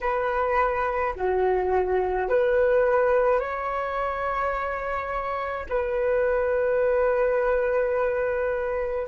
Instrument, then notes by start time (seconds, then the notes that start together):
flute
0.00 B4
1.15 F#4
2.28 B4
3.39 C#5
5.69 B4